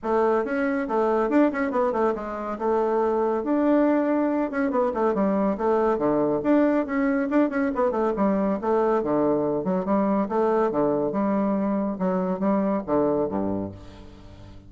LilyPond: \new Staff \with { instrumentName = "bassoon" } { \time 4/4 \tempo 4 = 140 a4 cis'4 a4 d'8 cis'8 | b8 a8 gis4 a2 | d'2~ d'8 cis'8 b8 a8 | g4 a4 d4 d'4 |
cis'4 d'8 cis'8 b8 a8 g4 | a4 d4. fis8 g4 | a4 d4 g2 | fis4 g4 d4 g,4 | }